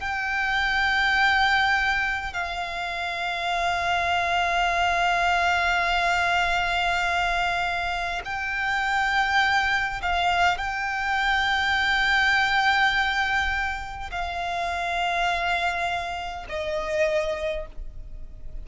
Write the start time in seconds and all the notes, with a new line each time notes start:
0.00 G5
2.33 F5
8.25 G5
10.02 F5
10.57 G5
14.11 F5
16.49 D#5